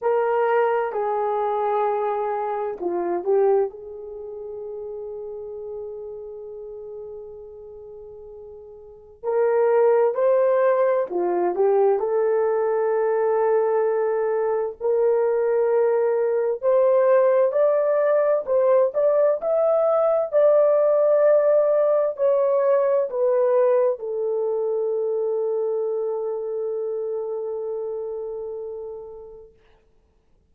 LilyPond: \new Staff \with { instrumentName = "horn" } { \time 4/4 \tempo 4 = 65 ais'4 gis'2 f'8 g'8 | gis'1~ | gis'2 ais'4 c''4 | f'8 g'8 a'2. |
ais'2 c''4 d''4 | c''8 d''8 e''4 d''2 | cis''4 b'4 a'2~ | a'1 | }